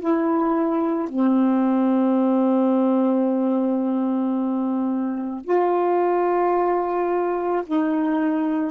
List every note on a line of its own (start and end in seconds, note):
0.00 1.09 E4
1.09 5.44 C4
5.44 7.63 F4
7.66 8.71 D#4